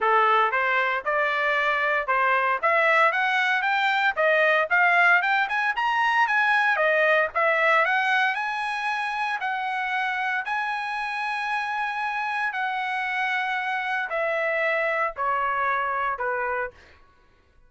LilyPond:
\new Staff \with { instrumentName = "trumpet" } { \time 4/4 \tempo 4 = 115 a'4 c''4 d''2 | c''4 e''4 fis''4 g''4 | dis''4 f''4 g''8 gis''8 ais''4 | gis''4 dis''4 e''4 fis''4 |
gis''2 fis''2 | gis''1 | fis''2. e''4~ | e''4 cis''2 b'4 | }